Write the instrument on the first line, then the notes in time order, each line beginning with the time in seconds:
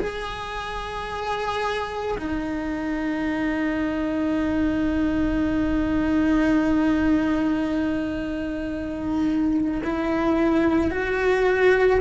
cello
0.00 G#4
2.19 D#4
9.84 E4
10.91 F#4